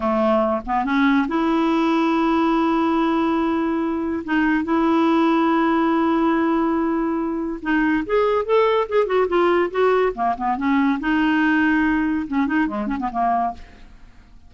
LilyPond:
\new Staff \with { instrumentName = "clarinet" } { \time 4/4 \tempo 4 = 142 a4. b8 cis'4 e'4~ | e'1~ | e'2 dis'4 e'4~ | e'1~ |
e'2 dis'4 gis'4 | a'4 gis'8 fis'8 f'4 fis'4 | ais8 b8 cis'4 dis'2~ | dis'4 cis'8 dis'8 gis8 cis'16 b16 ais4 | }